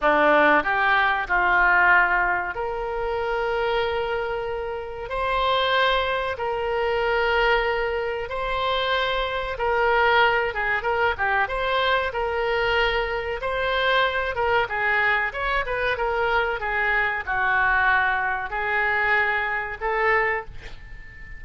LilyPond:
\new Staff \with { instrumentName = "oboe" } { \time 4/4 \tempo 4 = 94 d'4 g'4 f'2 | ais'1 | c''2 ais'2~ | ais'4 c''2 ais'4~ |
ais'8 gis'8 ais'8 g'8 c''4 ais'4~ | ais'4 c''4. ais'8 gis'4 | cis''8 b'8 ais'4 gis'4 fis'4~ | fis'4 gis'2 a'4 | }